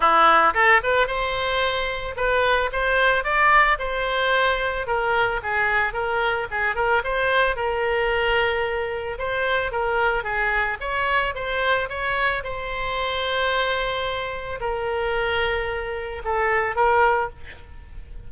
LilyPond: \new Staff \with { instrumentName = "oboe" } { \time 4/4 \tempo 4 = 111 e'4 a'8 b'8 c''2 | b'4 c''4 d''4 c''4~ | c''4 ais'4 gis'4 ais'4 | gis'8 ais'8 c''4 ais'2~ |
ais'4 c''4 ais'4 gis'4 | cis''4 c''4 cis''4 c''4~ | c''2. ais'4~ | ais'2 a'4 ais'4 | }